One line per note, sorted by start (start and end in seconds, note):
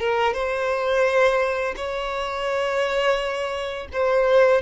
0.00 0.34 A#4
0.34 1.75 C5
1.76 3.88 C#5
3.93 4.62 C5